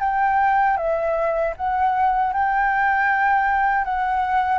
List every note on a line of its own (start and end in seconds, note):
0.00 0.77 G5
0.77 1.54 E5
1.56 2.33 F#5
2.33 3.85 G5
3.85 4.58 F#5